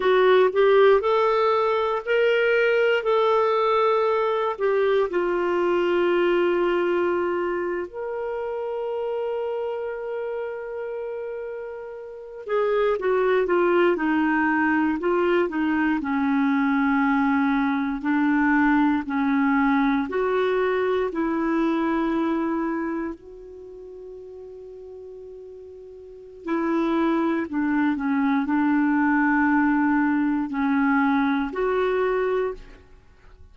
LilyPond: \new Staff \with { instrumentName = "clarinet" } { \time 4/4 \tempo 4 = 59 fis'8 g'8 a'4 ais'4 a'4~ | a'8 g'8 f'2~ f'8. ais'16~ | ais'1~ | ais'16 gis'8 fis'8 f'8 dis'4 f'8 dis'8 cis'16~ |
cis'4.~ cis'16 d'4 cis'4 fis'16~ | fis'8. e'2 fis'4~ fis'16~ | fis'2 e'4 d'8 cis'8 | d'2 cis'4 fis'4 | }